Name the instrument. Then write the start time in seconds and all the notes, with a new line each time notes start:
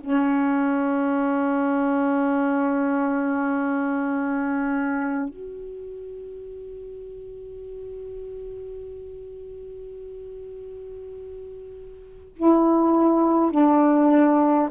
saxophone
0.00 C#4
5.29 F#4
12.36 E4
13.51 D4